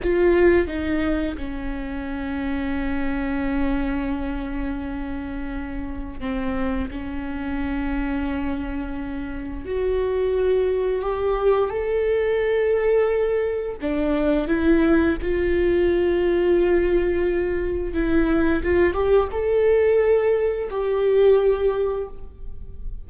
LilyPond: \new Staff \with { instrumentName = "viola" } { \time 4/4 \tempo 4 = 87 f'4 dis'4 cis'2~ | cis'1~ | cis'4 c'4 cis'2~ | cis'2 fis'2 |
g'4 a'2. | d'4 e'4 f'2~ | f'2 e'4 f'8 g'8 | a'2 g'2 | }